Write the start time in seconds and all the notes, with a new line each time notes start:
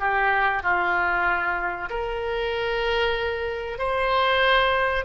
0.00 G4
0.63 F4
1.90 A#4
3.79 C5